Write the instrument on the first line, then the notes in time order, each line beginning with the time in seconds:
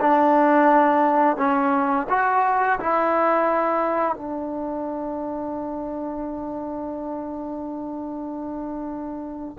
trombone
0.00 D4
1.37 C#4
2.09 F#4
2.79 E4
4.15 D4